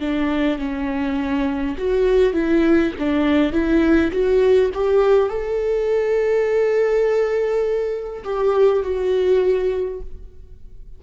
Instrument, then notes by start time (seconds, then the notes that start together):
viola
0.00 D4
0.58 C#4
1.78 F#4
2.33 E4
2.98 D4
3.52 E4
4.12 F#4
4.74 G4
5.29 A4
8.24 G4
8.83 F#4